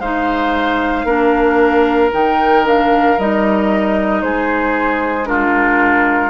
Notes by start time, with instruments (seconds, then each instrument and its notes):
0.00 bassoon G#3, clarinet D#4, oboe C5, flute F5
1.05 bassoon A#3, clarinet D4, oboe A#4
2.12 bassoon D#3, clarinet D#4, flute G5
2.65 clarinet D4, flute F5
3.18 bassoon G3, clarinet D#4, flute D#5
4.22 bassoon G#3, oboe G#4, flute C5
5.26 clarinet D4, oboe F4, flute A#4